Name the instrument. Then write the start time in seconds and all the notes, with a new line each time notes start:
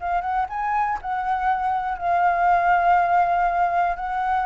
flute
0.00 F5
0.21 F#5
0.49 G#5
1.01 F#5
1.98 F5
3.96 F#5